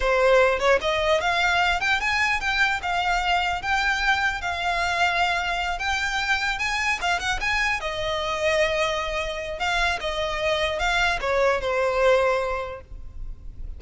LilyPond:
\new Staff \with { instrumentName = "violin" } { \time 4/4 \tempo 4 = 150 c''4. cis''8 dis''4 f''4~ | f''8 g''8 gis''4 g''4 f''4~ | f''4 g''2 f''4~ | f''2~ f''8 g''4.~ |
g''8 gis''4 f''8 fis''8 gis''4 dis''8~ | dis''1 | f''4 dis''2 f''4 | cis''4 c''2. | }